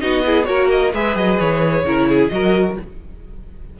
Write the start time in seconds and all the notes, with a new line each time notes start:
0.00 B3 D#4 F#4 D#5
0.25 E4 G#4
0.45 A#3 F#4 A#4 C#5
0.70 D#5
0.93 G#3 G#4 B4 E5
1.15 F#3 D#5
1.39 E3 C#5
1.84 C#3 E4 A#4
2.09 G#4
2.28 F#3 F#4 A#4 D#5